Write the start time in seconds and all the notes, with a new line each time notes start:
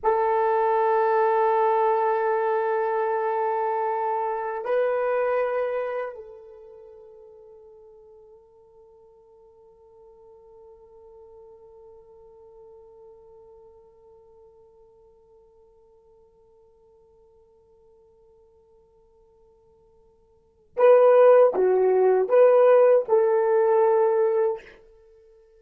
0.03 A4
4.65 B4
6.14 A4
20.76 B4
21.54 F#4
22.28 B4
23.08 A4